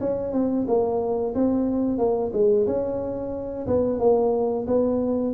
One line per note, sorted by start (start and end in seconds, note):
0.00 0.32 C#4
0.32 0.65 C4
0.67 1.34 A#3
1.34 1.98 C4
1.98 2.31 A#3
2.32 2.66 G#3
2.66 3.66 C#4
3.66 3.99 B3
3.99 4.66 A#3
4.67 5.33 B3